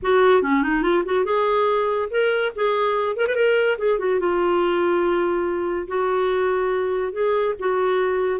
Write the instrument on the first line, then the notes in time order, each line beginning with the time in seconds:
clarinet
0.02 F#4
0.42 C#4
0.63 D#4
0.82 F4
1.05 F#4
1.24 G#4
2.10 A#4
2.55 G#4
3.16 A#4
3.27 B4
3.35 A#4
3.78 G#4
3.98 F#4
4.19 F4
5.87 F#4
7.12 G#4
7.59 F#4